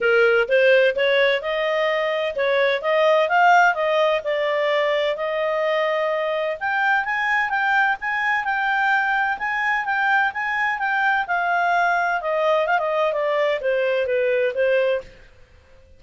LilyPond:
\new Staff \with { instrumentName = "clarinet" } { \time 4/4 \tempo 4 = 128 ais'4 c''4 cis''4 dis''4~ | dis''4 cis''4 dis''4 f''4 | dis''4 d''2 dis''4~ | dis''2 g''4 gis''4 |
g''4 gis''4 g''2 | gis''4 g''4 gis''4 g''4 | f''2 dis''4 f''16 dis''8. | d''4 c''4 b'4 c''4 | }